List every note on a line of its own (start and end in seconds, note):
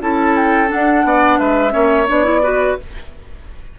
0.00 0.70 C#4
0.00 0.67 E4
0.00 1.05 A4
0.00 0.35 A5
0.35 0.70 G5
0.67 1.70 D4
0.67 1.38 F#5
0.73 1.03 D4
1.03 1.38 B3
1.03 1.39 D5
1.38 1.73 G#3
1.38 1.72 B4
1.38 2.07 E5
1.70 2.08 A#3
1.70 2.04 C#4
1.70 2.41 C#5
2.07 2.77 B3
2.07 2.24 D4
2.07 2.79 D5
2.24 2.41 E4
2.43 2.77 F#4
2.43 2.77 B4